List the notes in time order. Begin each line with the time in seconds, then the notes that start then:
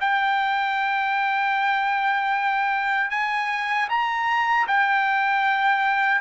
0.00 G5
3.10 G#5
3.89 A#5
4.67 G5